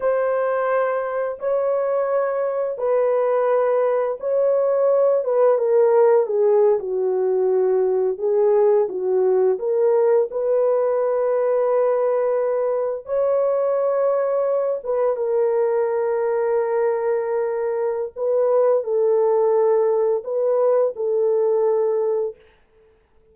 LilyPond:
\new Staff \with { instrumentName = "horn" } { \time 4/4 \tempo 4 = 86 c''2 cis''2 | b'2 cis''4. b'8 | ais'4 gis'8. fis'2 gis'16~ | gis'8. fis'4 ais'4 b'4~ b'16~ |
b'2~ b'8. cis''4~ cis''16~ | cis''4~ cis''16 b'8 ais'2~ ais'16~ | ais'2 b'4 a'4~ | a'4 b'4 a'2 | }